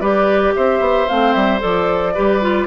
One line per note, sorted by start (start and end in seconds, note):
0.00 0.53 G3
0.00 1.08 G4
0.00 0.53 B4
0.00 0.53 D5
0.55 0.79 C4
0.55 2.14 C5
0.55 1.08 E5
0.79 1.06 B3
1.08 1.35 A3
1.08 1.59 C4
1.08 1.33 F5
1.33 1.61 G3
1.33 1.59 E5
1.59 2.17 F3
1.59 2.12 A4
1.59 2.66 D5
2.14 2.66 G3
2.14 2.41 G4
2.14 2.66 B4
2.41 2.66 F4